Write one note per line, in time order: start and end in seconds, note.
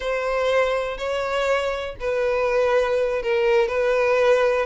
0.00 0.97 C5
0.97 1.95 C#5
2.00 3.22 B4
3.22 3.68 A#4
3.68 4.66 B4